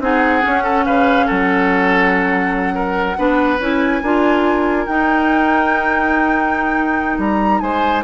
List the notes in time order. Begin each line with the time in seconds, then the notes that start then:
0.00 C4 D#4 G#4 F#5
0.41 C#4
0.63 A4
0.85 C#3 B4 F5
1.26 F#3 A4 F#5
2.74 A#4
3.16 B3 D4 B4
3.59 C#4 E4 G#5
4.02 D4 F4 A#4
4.86 D#4 G5
7.18 G3 A#5
7.60 G#3 C5 G#5